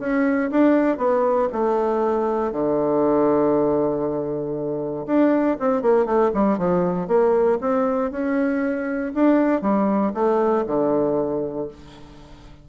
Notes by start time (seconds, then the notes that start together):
0.00 C#4
0.51 D4
0.98 B3
1.53 A3
2.52 D3
5.07 D4
5.60 C4
5.82 A#3
6.06 A3
6.34 G3
6.58 F3
7.08 A#3
7.61 C4
8.12 C#4
9.15 D4
9.62 G3
10.14 A3
10.67 D3